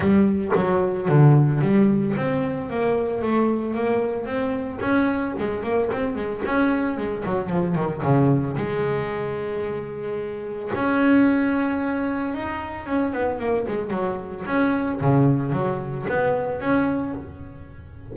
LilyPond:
\new Staff \with { instrumentName = "double bass" } { \time 4/4 \tempo 4 = 112 g4 fis4 d4 g4 | c'4 ais4 a4 ais4 | c'4 cis'4 gis8 ais8 c'8 gis8 | cis'4 gis8 fis8 f8 dis8 cis4 |
gis1 | cis'2. dis'4 | cis'8 b8 ais8 gis8 fis4 cis'4 | cis4 fis4 b4 cis'4 | }